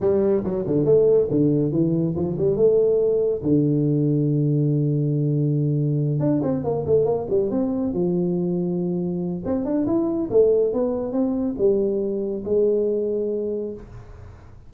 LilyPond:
\new Staff \with { instrumentName = "tuba" } { \time 4/4 \tempo 4 = 140 g4 fis8 d8 a4 d4 | e4 f8 g8 a2 | d1~ | d2~ d8 d'8 c'8 ais8 |
a8 ais8 g8 c'4 f4.~ | f2 c'8 d'8 e'4 | a4 b4 c'4 g4~ | g4 gis2. | }